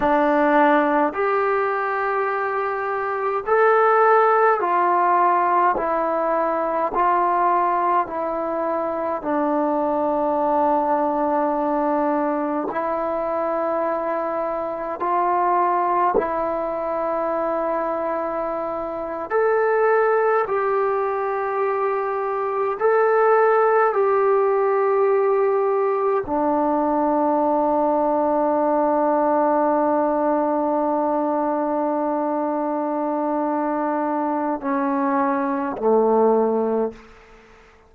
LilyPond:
\new Staff \with { instrumentName = "trombone" } { \time 4/4 \tempo 4 = 52 d'4 g'2 a'4 | f'4 e'4 f'4 e'4 | d'2. e'4~ | e'4 f'4 e'2~ |
e'8. a'4 g'2 a'16~ | a'8. g'2 d'4~ d'16~ | d'1~ | d'2 cis'4 a4 | }